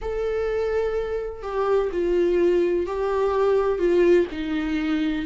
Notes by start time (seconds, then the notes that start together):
0.01 A4
1.42 G4
1.92 F4
2.86 G4
3.79 F4
4.31 D#4